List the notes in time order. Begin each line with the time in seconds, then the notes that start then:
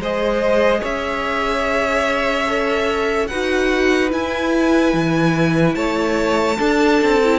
0.00 G#3 G#4 C5 D#5
0.81 C#4 C#5 E5
2.48 A4
3.28 D#4 F#4 B4 F#5
4.10 E4 G#5
4.94 E3
5.75 A3 C#5 A5
6.59 D4 A4
7.02 C4
7.25 E4